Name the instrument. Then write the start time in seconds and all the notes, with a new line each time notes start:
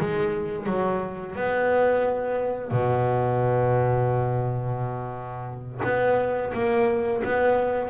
double bass
0.00 G#3
0.66 F#3
1.36 B3
2.71 B2
5.84 B3
6.54 A#3
7.24 B3